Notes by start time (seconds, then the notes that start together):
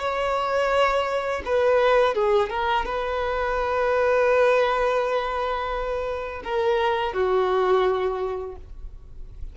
0.00 C#5
1.45 B4
2.15 G#4
2.50 A#4
2.86 B4
6.44 A#4
7.13 F#4